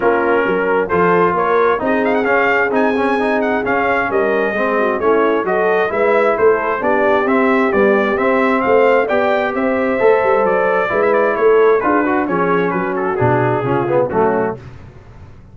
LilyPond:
<<
  \new Staff \with { instrumentName = "trumpet" } { \time 4/4 \tempo 4 = 132 ais'2 c''4 cis''4 | dis''8 f''16 fis''16 f''4 gis''4. fis''8 | f''4 dis''2 cis''4 | dis''4 e''4 c''4 d''4 |
e''4 d''4 e''4 f''4 | g''4 e''2 d''4~ | d''16 e''16 d''8 cis''4 b'4 cis''4 | b'8 a'8 gis'2 fis'4 | }
  \new Staff \with { instrumentName = "horn" } { \time 4/4 f'4 ais'4 a'4 ais'4 | gis'1~ | gis'4 ais'4 gis'8 fis'8 e'4 | a'4 b'4 a'4 g'4~ |
g'2. c''4 | d''4 c''2. | b'4 a'4 gis'8 fis'8 gis'4 | fis'2 f'4 cis'4 | }
  \new Staff \with { instrumentName = "trombone" } { \time 4/4 cis'2 f'2 | dis'4 cis'4 dis'8 cis'8 dis'4 | cis'2 c'4 cis'4 | fis'4 e'2 d'4 |
c'4 g4 c'2 | g'2 a'2 | e'2 f'8 fis'8 cis'4~ | cis'4 d'4 cis'8 b8 a4 | }
  \new Staff \with { instrumentName = "tuba" } { \time 4/4 ais4 fis4 f4 ais4 | c'4 cis'4 c'2 | cis'4 g4 gis4 a4 | fis4 gis4 a4 b4 |
c'4 b4 c'4 a4 | b4 c'4 a8 g8 fis4 | gis4 a4 d'4 f4 | fis4 b,4 cis4 fis4 | }
>>